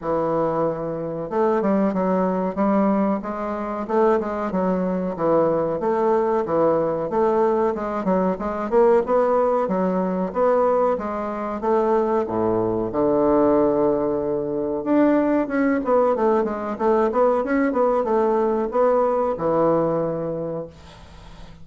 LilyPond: \new Staff \with { instrumentName = "bassoon" } { \time 4/4 \tempo 4 = 93 e2 a8 g8 fis4 | g4 gis4 a8 gis8 fis4 | e4 a4 e4 a4 | gis8 fis8 gis8 ais8 b4 fis4 |
b4 gis4 a4 a,4 | d2. d'4 | cis'8 b8 a8 gis8 a8 b8 cis'8 b8 | a4 b4 e2 | }